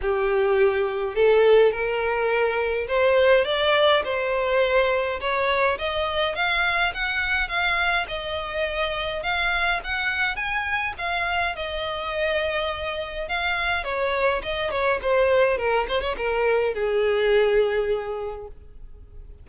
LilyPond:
\new Staff \with { instrumentName = "violin" } { \time 4/4 \tempo 4 = 104 g'2 a'4 ais'4~ | ais'4 c''4 d''4 c''4~ | c''4 cis''4 dis''4 f''4 | fis''4 f''4 dis''2 |
f''4 fis''4 gis''4 f''4 | dis''2. f''4 | cis''4 dis''8 cis''8 c''4 ais'8 c''16 cis''16 | ais'4 gis'2. | }